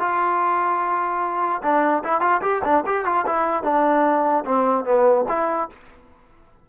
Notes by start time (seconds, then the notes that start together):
0.00 F4
1.63 D4
2.04 E4
2.21 F4
2.42 G4
2.65 D4
2.86 G4
3.06 F4
3.27 E4
3.64 D4
4.46 C4
4.85 B3
5.29 E4